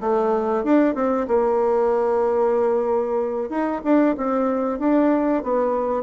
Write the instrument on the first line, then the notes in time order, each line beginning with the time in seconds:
bassoon
0.00 A3
0.64 D4
0.94 C4
1.27 A#3
3.49 D#4
3.84 D4
4.17 C4
4.79 D4
5.43 B3